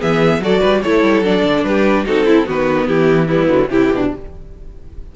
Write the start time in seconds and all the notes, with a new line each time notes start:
0.00 E3 B3 G#4 E5
0.40 F#3 F#4 A4 D5
0.61 G3 B4
0.82 A3 E4 A4 C#5
1.03 G3
1.22 F#3 D4 D5
1.44 D3
1.64 G3 G4 B4
2.06 C4 D#4 F#4 A4
2.26 E4
2.45 D#3 B3 F#4 B4
2.88 E3 E4 G4
3.28 G3 B3 E4
3.48 D3 F#3
3.69 C3 E3 E4 G4
3.93 B2 D4